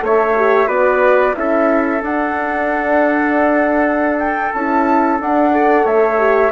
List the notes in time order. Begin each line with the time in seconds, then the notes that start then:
0.00 A3 A4 C#5 E5
0.36 G4
0.67 B3 F#4 B4 D5
1.34 C#4 E4 A4 E5
2.02 D4 F#5
4.19 G5
4.53 C#4 E4 A5
5.20 D4 F#5
5.52 A4 D5
5.84 A3 C#5 E5
6.18 G4